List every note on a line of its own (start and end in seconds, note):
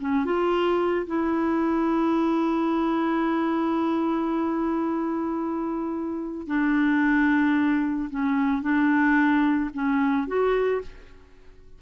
0.00 0.25 C#4
0.25 1.06 F4
1.06 6.47 E4
6.47 8.09 D4
8.10 8.62 C#4
8.62 9.70 D4
9.73 10.27 C#4
10.27 10.81 F#4